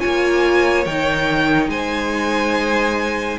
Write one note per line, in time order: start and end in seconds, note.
0.00 0.86 A#3
0.00 0.85 F4
0.00 1.69 C#5
0.00 0.85 G#5
0.85 1.68 D#3
0.85 3.39 D#4
0.85 1.70 G5
1.68 3.37 G#3
1.68 3.39 C5
1.68 3.39 G#5